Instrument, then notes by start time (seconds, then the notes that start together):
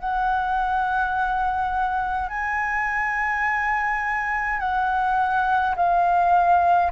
flute
0.00 F#5
2.29 G#5
4.60 F#5
5.76 F5